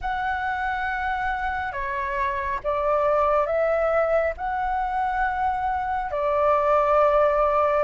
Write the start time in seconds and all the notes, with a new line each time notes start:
0.01 F#5
1.72 C#5
2.63 D5
3.46 E5
4.37 F#5
6.11 D5